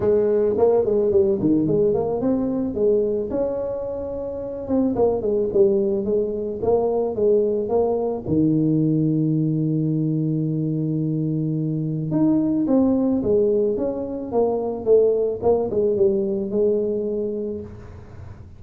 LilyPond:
\new Staff \with { instrumentName = "tuba" } { \time 4/4 \tempo 4 = 109 gis4 ais8 gis8 g8 dis8 gis8 ais8 | c'4 gis4 cis'2~ | cis'8 c'8 ais8 gis8 g4 gis4 | ais4 gis4 ais4 dis4~ |
dis1~ | dis2 dis'4 c'4 | gis4 cis'4 ais4 a4 | ais8 gis8 g4 gis2 | }